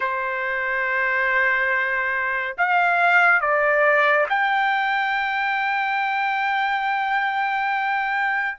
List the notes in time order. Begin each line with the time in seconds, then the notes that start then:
0.00 C5
2.57 F5
3.41 D5
4.29 G5